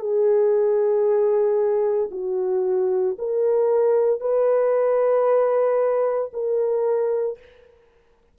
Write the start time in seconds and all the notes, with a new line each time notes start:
0.00 G#4
2.12 F#4
3.19 A#4
4.21 B4
6.34 A#4